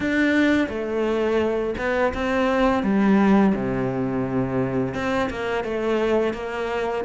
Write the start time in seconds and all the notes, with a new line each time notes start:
0.00 D4
0.68 A3
1.78 B3
2.14 C4
2.83 G3
3.55 C3
4.94 C4
5.30 A#3
5.64 A3
6.33 A#3